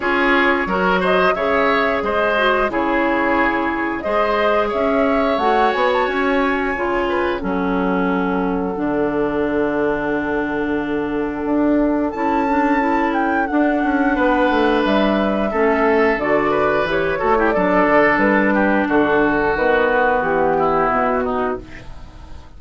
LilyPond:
<<
  \new Staff \with { instrumentName = "flute" } { \time 4/4 \tempo 4 = 89 cis''4. dis''8 e''4 dis''4 | cis''2 dis''4 e''4 | fis''8 gis''16 a''16 gis''2 fis''4~ | fis''1~ |
fis''2 a''4. g''8 | fis''2 e''2 | d''4 cis''4 d''4 b'4 | a'4 b'4 g'4 fis'4 | }
  \new Staff \with { instrumentName = "oboe" } { \time 4/4 gis'4 ais'8 c''8 cis''4 c''4 | gis'2 c''4 cis''4~ | cis''2~ cis''8 b'8 a'4~ | a'1~ |
a'1~ | a'4 b'2 a'4~ | a'8 b'4 a'16 g'16 a'4. g'8 | fis'2~ fis'8 e'4 dis'8 | }
  \new Staff \with { instrumentName = "clarinet" } { \time 4/4 f'4 fis'4 gis'4. fis'8 | e'2 gis'2 | fis'2 f'4 cis'4~ | cis'4 d'2.~ |
d'2 e'8 d'8 e'4 | d'2. cis'4 | fis'4 g'8 fis'16 e'16 d'2~ | d'4 b2. | }
  \new Staff \with { instrumentName = "bassoon" } { \time 4/4 cis'4 fis4 cis4 gis4 | cis2 gis4 cis'4 | a8 b8 cis'4 cis4 fis4~ | fis4 d2.~ |
d4 d'4 cis'2 | d'8 cis'8 b8 a8 g4 a4 | d4 e8 a8 fis8 d8 g4 | d4 dis4 e4 b,4 | }
>>